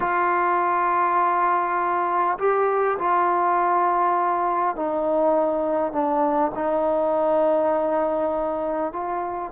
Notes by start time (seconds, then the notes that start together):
0.00 F4
2.38 G4
2.99 F4
4.76 D#4
5.92 D4
6.54 D#4
8.92 F4